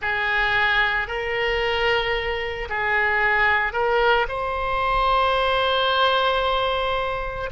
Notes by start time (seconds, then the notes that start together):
0.01 G#4
1.07 A#4
2.69 G#4
3.73 A#4
4.28 C5